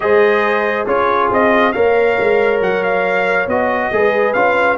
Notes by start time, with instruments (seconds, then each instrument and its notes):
0.00 tuba G#3, trombone G#4, horn C5, trumpet D#5
0.86 tuba C#4, trombone F4, horn G#4, trumpet C#5
1.30 tuba C4, trumpet D#5
1.72 tuba A#3, trombone A#4, horn C#5, trumpet F5
2.19 tuba G#3
2.61 tuba F#3, trumpet F#5
2.83 trumpet F5
3.47 tuba B3, trombone F#4, trumpet D#5
3.91 tuba G#3, trombone G#4, horn B4
4.33 tuba C#4, trombone F4, trumpet F5